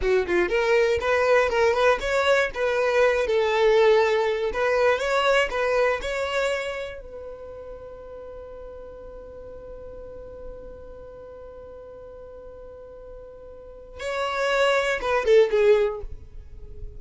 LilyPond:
\new Staff \with { instrumentName = "violin" } { \time 4/4 \tempo 4 = 120 fis'8 f'8 ais'4 b'4 ais'8 b'8 | cis''4 b'4. a'4.~ | a'4 b'4 cis''4 b'4 | cis''2 b'2~ |
b'1~ | b'1~ | b'1 | cis''2 b'8 a'8 gis'4 | }